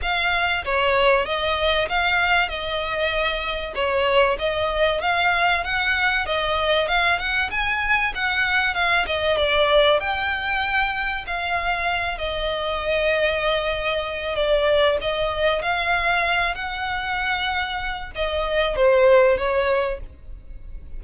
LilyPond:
\new Staff \with { instrumentName = "violin" } { \time 4/4 \tempo 4 = 96 f''4 cis''4 dis''4 f''4 | dis''2 cis''4 dis''4 | f''4 fis''4 dis''4 f''8 fis''8 | gis''4 fis''4 f''8 dis''8 d''4 |
g''2 f''4. dis''8~ | dis''2. d''4 | dis''4 f''4. fis''4.~ | fis''4 dis''4 c''4 cis''4 | }